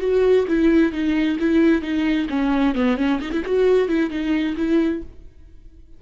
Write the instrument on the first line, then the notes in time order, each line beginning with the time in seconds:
viola
0.00 F#4
0.48 E4
0.92 D#4
1.39 E4
1.82 D#4
2.29 C#4
2.75 B3
2.97 C#4
3.21 D#4
3.31 E4
3.45 F#4
3.88 E4
4.10 D#4
4.56 E4